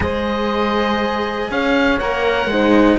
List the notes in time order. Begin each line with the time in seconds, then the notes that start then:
0.00 G#3 G#4 C5 D#5
1.50 C#4 C#5 F5
1.99 A#3 A#4 F#5
2.45 G#3 D#4
2.51 C5